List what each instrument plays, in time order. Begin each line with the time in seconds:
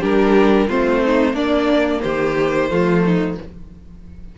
0.00 cello G3, viola D4, violin G4 A#4
0.68 cello A3, viola C4, violin F4 C5
1.05 violin D#4
1.34 cello A#3, viola A#3, violin D4 D5
2.02 cello D#3, violin G4 C5
2.70 cello F3, viola A3, violin F4
3.05 violin D#4